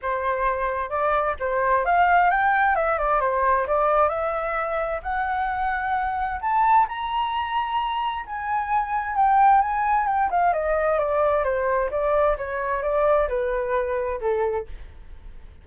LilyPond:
\new Staff \with { instrumentName = "flute" } { \time 4/4 \tempo 4 = 131 c''2 d''4 c''4 | f''4 g''4 e''8 d''8 c''4 | d''4 e''2 fis''4~ | fis''2 a''4 ais''4~ |
ais''2 gis''2 | g''4 gis''4 g''8 f''8 dis''4 | d''4 c''4 d''4 cis''4 | d''4 b'2 a'4 | }